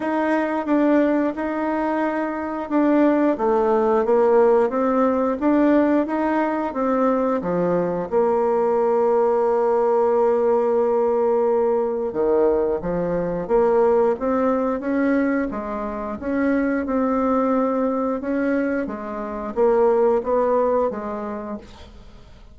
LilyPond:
\new Staff \with { instrumentName = "bassoon" } { \time 4/4 \tempo 4 = 89 dis'4 d'4 dis'2 | d'4 a4 ais4 c'4 | d'4 dis'4 c'4 f4 | ais1~ |
ais2 dis4 f4 | ais4 c'4 cis'4 gis4 | cis'4 c'2 cis'4 | gis4 ais4 b4 gis4 | }